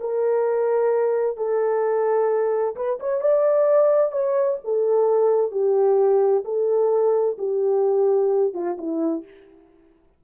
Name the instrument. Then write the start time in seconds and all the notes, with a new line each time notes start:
horn
0.00 A#4
1.37 A4
2.76 B4
3.00 C#5
3.21 D5
4.11 C#5
4.64 A4
5.51 G4
6.44 A4
7.38 G4
8.54 F4
8.78 E4